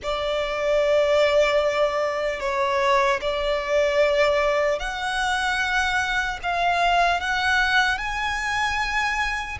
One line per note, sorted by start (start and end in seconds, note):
0.02 2.40 D5
2.40 3.20 C#5
3.21 4.79 D5
4.79 6.39 F#5
6.42 7.20 F5
7.20 7.97 F#5
7.97 9.57 G#5